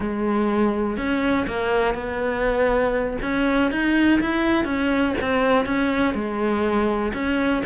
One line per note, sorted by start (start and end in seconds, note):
0.00 0.97 G#3
0.97 1.46 C#4
1.47 1.94 A#3
1.94 3.17 B3
3.21 3.71 C#4
3.71 4.20 D#4
4.20 4.65 E4
4.65 5.14 C#4
5.21 5.65 C4
5.65 6.14 C#4
6.14 7.12 G#3
7.13 7.63 C#4